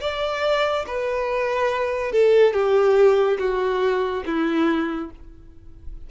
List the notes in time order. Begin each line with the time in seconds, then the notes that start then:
0.00 D5
0.86 B4
2.12 A4
2.53 G4
3.38 F#4
4.26 E4